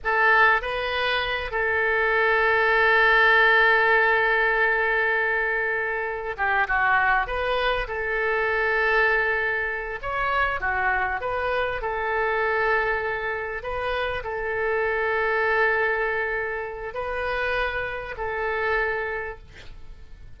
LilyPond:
\new Staff \with { instrumentName = "oboe" } { \time 4/4 \tempo 4 = 99 a'4 b'4. a'4.~ | a'1~ | a'2~ a'8 g'8 fis'4 | b'4 a'2.~ |
a'8 cis''4 fis'4 b'4 a'8~ | a'2~ a'8 b'4 a'8~ | a'1 | b'2 a'2 | }